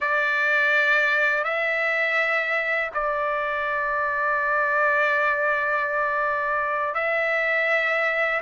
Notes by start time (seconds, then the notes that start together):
0.00 D5
1.44 E5
2.93 D5
6.94 E5